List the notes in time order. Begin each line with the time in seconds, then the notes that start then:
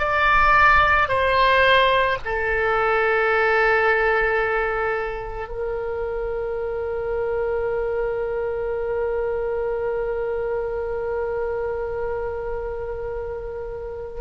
0.00 D5
1.09 C5
2.26 A4
5.49 A#4